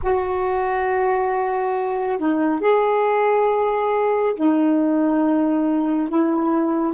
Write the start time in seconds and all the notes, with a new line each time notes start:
0.02 F#4
2.18 D#4
2.60 G#4
4.35 D#4
6.09 E4